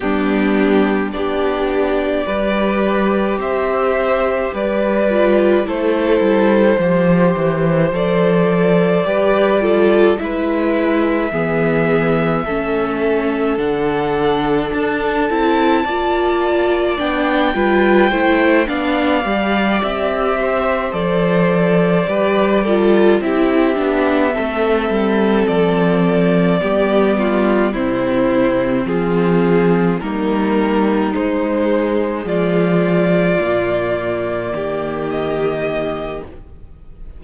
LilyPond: <<
  \new Staff \with { instrumentName = "violin" } { \time 4/4 \tempo 4 = 53 g'4 d''2 e''4 | d''4 c''2 d''4~ | d''4 e''2. | fis''4 a''2 g''4~ |
g''8 f''4 e''4 d''4.~ | d''8 e''2 d''4.~ | d''8 c''4 gis'4 ais'4 c''8~ | c''8 d''2~ d''8 dis''4 | }
  \new Staff \with { instrumentName = "violin" } { \time 4/4 d'4 g'4 b'4 c''4 | b'4 a'4 c''2 | b'8 a'8 b'4 gis'4 a'4~ | a'2 d''4. b'8 |
c''8 d''4. c''4. b'8 | a'8 g'4 a'2 g'8 | f'8 e'4 f'4 dis'4.~ | dis'8 f'2 g'4. | }
  \new Staff \with { instrumentName = "viola" } { \time 4/4 b4 d'4 g'2~ | g'8 f'8 e'4 g'4 a'4 | g'8 f'8 e'4 b4 cis'4 | d'4. e'8 f'4 d'8 f'8 |
e'8 d'8 g'4. a'4 g'8 | f'8 e'8 d'8 c'2 b8~ | b8 c'2 ais4 gis8~ | gis4. ais2~ ais8 | }
  \new Staff \with { instrumentName = "cello" } { \time 4/4 g4 b4 g4 c'4 | g4 a8 g8 f8 e8 f4 | g4 gis4 e4 a4 | d4 d'8 c'8 ais4 b8 g8 |
a8 b8 g8 c'4 f4 g8~ | g8 c'8 b8 a8 g8 f4 g8~ | g8 c4 f4 g4 gis8~ | gis8 f4 ais,4 dis4. | }
>>